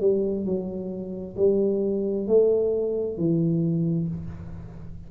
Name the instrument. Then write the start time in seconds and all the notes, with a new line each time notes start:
tuba
0.00 G3
0.45 F#3
1.36 G3
2.27 A3
3.17 E3